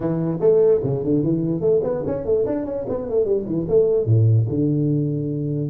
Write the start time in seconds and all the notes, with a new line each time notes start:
0.00 E3
0.40 A3
0.83 C#3
1.04 D3
1.23 E3
1.60 A3
1.83 B3
2.06 C#4
2.25 A3
2.45 D4
2.65 C#4
2.88 B3
3.09 A3
3.24 G3
3.46 E3
3.68 A3
4.05 A2
4.48 D3